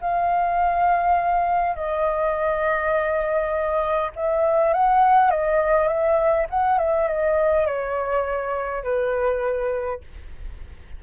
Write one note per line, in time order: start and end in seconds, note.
0.00 1.75 F5
1.75 4.11 D#5
4.15 4.73 E5
4.73 5.30 F#5
5.30 5.87 D#5
5.87 6.46 E5
6.49 6.78 F#5
6.78 7.07 E5
7.07 7.66 D#5
7.66 8.83 C#5
8.83 10.01 B4